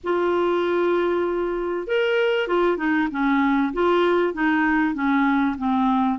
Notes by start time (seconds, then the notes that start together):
0.03 F4
1.87 A#4
2.47 F4
2.77 D#4
3.11 C#4
3.73 F4
4.33 D#4
4.94 C#4
5.58 C4